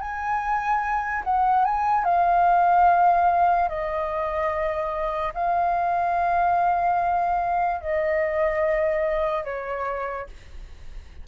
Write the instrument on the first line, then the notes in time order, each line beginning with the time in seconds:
flute
0.00 G#5
1.24 F#5
1.65 G#5
2.05 F5
3.69 D#5
5.34 F5
7.81 D#5
9.44 C#5